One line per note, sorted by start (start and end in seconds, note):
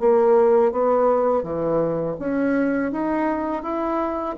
0.00 0.72 A#3
0.72 1.43 B3
1.43 2.17 E3
2.20 2.92 C#4
2.92 3.63 D#4
3.63 4.36 E4